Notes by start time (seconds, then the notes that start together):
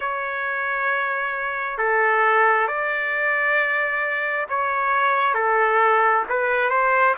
0.00 C#5
1.77 A4
2.67 D5
4.49 C#5
5.34 A4
6.29 B4
6.70 C5